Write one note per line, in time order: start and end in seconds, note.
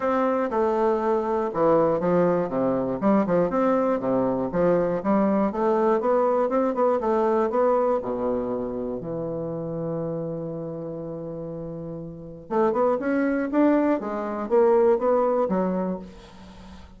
0.00 0.49 C4
0.50 1.50 A3
1.53 2.00 E3
2.00 2.49 F3
2.49 2.99 C3
3.00 3.25 G3
3.26 3.50 F3
3.50 3.99 C4
3.99 4.49 C3
4.52 5.02 F3
5.03 5.51 G3
5.51 6.00 A3
6.00 6.49 B3
6.49 6.74 C4
6.74 6.99 B3
7.00 7.50 A3
7.50 8.00 B3
8.02 9.00 B2
9.00 12.49 E3
12.49 12.72 A3
12.72 12.97 B3
12.99 13.49 C#4
13.51 14.00 D4
14.00 14.48 G#3
14.48 14.98 A#3
14.98 15.48 B3
15.48 15.98 F#3